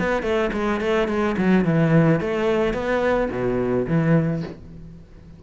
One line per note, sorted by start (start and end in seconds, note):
0.00 0.23 B3
0.23 0.51 A3
0.53 0.81 G#3
0.81 1.08 A3
1.08 1.36 G#3
1.38 1.65 F#3
1.65 2.20 E3
2.20 2.74 A3
2.74 3.30 B3
3.31 3.87 B2
3.87 4.43 E3